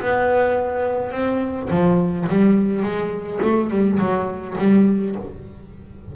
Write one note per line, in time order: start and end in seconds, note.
0.00 1.11 B3
1.11 1.69 C4
1.70 2.28 F3
2.29 2.83 G3
2.83 3.40 G#3
3.42 3.70 A3
3.70 3.99 G3
3.99 4.56 F#3
4.58 5.16 G3